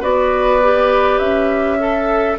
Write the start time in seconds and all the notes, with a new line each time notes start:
0.00 B3 F#4 B4 D5
0.63 G4
1.18 C#4 E5
1.79 A4